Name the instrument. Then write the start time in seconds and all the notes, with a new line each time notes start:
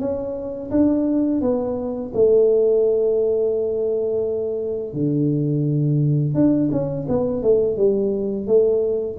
tuba
0.00 C#4
0.71 D4
1.41 B3
2.14 A3
4.93 D3
6.35 D4
6.72 C#4
7.09 B3
7.43 A3
7.77 G3
8.47 A3